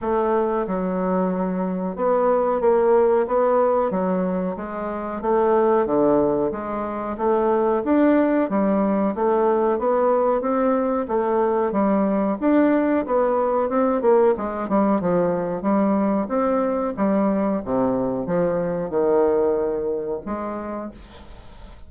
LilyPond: \new Staff \with { instrumentName = "bassoon" } { \time 4/4 \tempo 4 = 92 a4 fis2 b4 | ais4 b4 fis4 gis4 | a4 d4 gis4 a4 | d'4 g4 a4 b4 |
c'4 a4 g4 d'4 | b4 c'8 ais8 gis8 g8 f4 | g4 c'4 g4 c4 | f4 dis2 gis4 | }